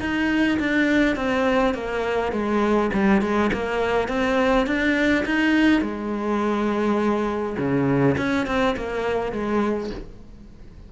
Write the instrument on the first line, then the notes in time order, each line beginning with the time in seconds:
cello
0.00 D#4
0.60 D4
1.16 C4
1.74 A#3
2.32 G#3
2.93 G3
3.22 G#3
3.53 A#3
4.08 C4
4.67 D4
5.26 D#4
5.81 G#3
7.58 C#3
8.18 C#4
8.47 C4
8.77 A#3
9.32 G#3